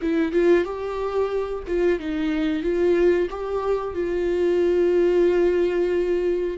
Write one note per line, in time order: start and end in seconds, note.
0.01 0.32 E4
0.32 0.64 F4
0.64 1.63 G4
1.67 1.99 F4
1.99 2.62 D#4
2.62 3.28 F4
3.30 3.94 G4
3.94 6.57 F4